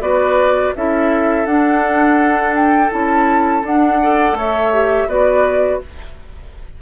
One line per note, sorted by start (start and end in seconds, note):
0.00 0.72 B3
0.00 0.73 F#4
0.00 0.74 B4
0.00 0.73 D5
0.75 1.45 C#4
0.75 1.46 E4
0.75 4.01 A4
0.75 1.45 E5
1.45 2.90 D4
1.45 2.54 F#5
2.55 2.91 G5
2.90 3.63 C#4
2.90 3.62 E4
2.90 3.65 A5
3.62 3.98 D4
3.62 4.32 D4
3.62 4.37 F#5
4.01 4.73 A4
4.01 4.37 D5
4.32 5.04 A3
4.32 5.08 C#5
4.38 5.09 E5
4.73 5.08 G4
5.07 5.79 B3
5.07 5.80 F#4
5.07 5.80 B4
5.07 5.81 D5